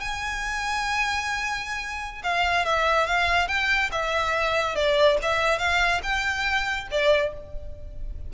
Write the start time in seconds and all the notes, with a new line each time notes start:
0.00 G#5
2.23 F5
2.65 E5
3.06 F5
3.47 G5
3.91 E5
4.75 D5
5.22 E5
5.58 F5
6.03 G5
6.90 D5